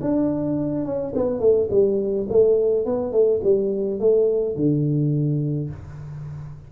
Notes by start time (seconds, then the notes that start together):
0.00 D4
0.84 C#4
1.15 B3
1.39 A3
1.70 G3
2.29 A3
2.85 B3
3.12 A3
3.43 G3
3.99 A3
4.56 D3